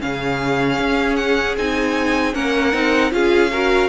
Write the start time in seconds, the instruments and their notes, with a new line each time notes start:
0.00 cello C#3, viola C#4, violin G#4 F5
0.79 cello C#4
1.16 violin F#5
1.57 cello C4, viola D#4, violin G#5
2.34 cello A#3, viola C#4, violin A#4 F#5
2.72 cello C4, viola D#4
3.11 cello C#4, viola F4, violin G#4 F5
3.52 viola F#4, violin A#4